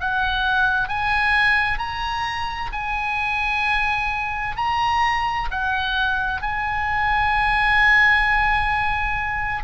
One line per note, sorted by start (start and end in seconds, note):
0.00 0.89 F#5
0.89 1.78 G#5
1.78 2.71 A#5
2.73 4.57 G#5
4.57 5.49 A#5
5.51 6.42 F#5
6.42 9.64 G#5